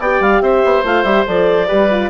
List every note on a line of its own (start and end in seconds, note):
0.00 0.20 B3
0.00 0.85 G4
0.00 0.42 D5
0.00 0.22 G5
0.20 0.41 G3
0.20 0.42 F5
0.41 0.62 C4
0.41 1.67 C5
0.41 0.84 E5
0.65 0.84 B3
0.84 1.04 A3
0.84 1.05 F4
0.84 1.03 F5
1.03 1.25 G3
1.03 1.26 G4
1.03 1.24 E5
1.27 1.69 F3
1.27 1.68 A4
1.27 2.10 D5
1.67 2.10 G3
1.67 1.89 G4
1.67 2.09 B4
1.91 2.10 F4